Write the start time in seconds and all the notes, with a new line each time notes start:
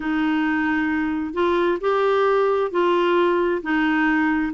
0.00 D#4
1.33 F4
1.80 G4
2.71 F4
3.62 D#4